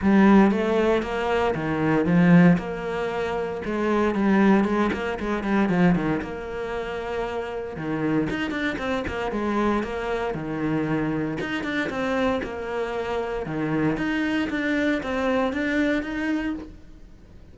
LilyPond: \new Staff \with { instrumentName = "cello" } { \time 4/4 \tempo 4 = 116 g4 a4 ais4 dis4 | f4 ais2 gis4 | g4 gis8 ais8 gis8 g8 f8 dis8 | ais2. dis4 |
dis'8 d'8 c'8 ais8 gis4 ais4 | dis2 dis'8 d'8 c'4 | ais2 dis4 dis'4 | d'4 c'4 d'4 dis'4 | }